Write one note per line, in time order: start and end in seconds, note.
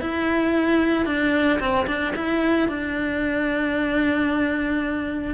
0.00 1.05 E4
1.05 1.59 D4
1.59 1.86 C4
1.87 2.13 D4
2.15 2.68 E4
2.68 5.34 D4